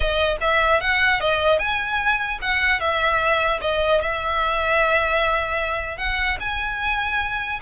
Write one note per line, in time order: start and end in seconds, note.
0.00 0.37 D#5
0.41 0.80 E5
0.80 1.20 F#5
1.20 1.59 D#5
1.59 2.39 G#5
2.41 2.80 F#5
2.80 3.60 E5
3.61 4.01 D#5
4.01 5.97 E5
5.97 6.37 F#5
6.40 7.60 G#5